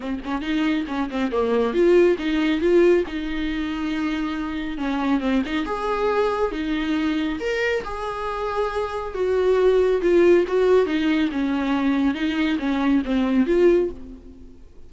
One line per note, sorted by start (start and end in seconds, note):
0.00 0.19 C4
0.24 0.41 C#4
0.41 0.85 D#4
0.87 1.09 C#4
1.10 1.31 C4
1.31 1.73 A#3
1.73 2.17 F4
2.18 2.60 D#4
2.60 3.04 F4
3.07 4.77 D#4
4.77 5.20 C#4
5.20 5.42 C4
5.45 5.65 D#4
5.65 6.51 G#4
6.51 7.38 D#4
7.40 7.83 A#4
7.84 9.14 G#4
9.14 10.01 F#4
10.01 10.45 F4
10.47 10.86 F#4
10.86 11.29 D#4
11.31 12.14 C#4
12.14 12.57 D#4
12.58 13.02 C#4
13.05 13.46 C4
13.46 13.90 F4